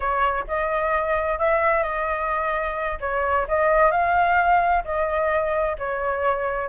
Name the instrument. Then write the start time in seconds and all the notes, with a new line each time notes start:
flute
0.00 C#5
0.47 D#5
1.38 E5
1.83 D#5
3.00 C#5
3.47 D#5
3.91 F5
4.84 D#5
5.78 C#5